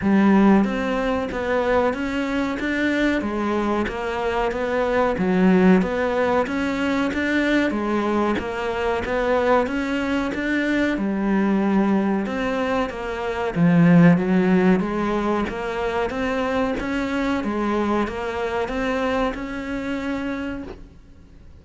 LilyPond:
\new Staff \with { instrumentName = "cello" } { \time 4/4 \tempo 4 = 93 g4 c'4 b4 cis'4 | d'4 gis4 ais4 b4 | fis4 b4 cis'4 d'4 | gis4 ais4 b4 cis'4 |
d'4 g2 c'4 | ais4 f4 fis4 gis4 | ais4 c'4 cis'4 gis4 | ais4 c'4 cis'2 | }